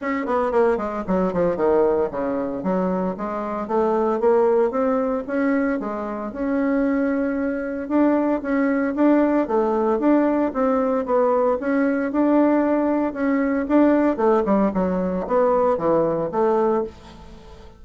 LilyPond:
\new Staff \with { instrumentName = "bassoon" } { \time 4/4 \tempo 4 = 114 cis'8 b8 ais8 gis8 fis8 f8 dis4 | cis4 fis4 gis4 a4 | ais4 c'4 cis'4 gis4 | cis'2. d'4 |
cis'4 d'4 a4 d'4 | c'4 b4 cis'4 d'4~ | d'4 cis'4 d'4 a8 g8 | fis4 b4 e4 a4 | }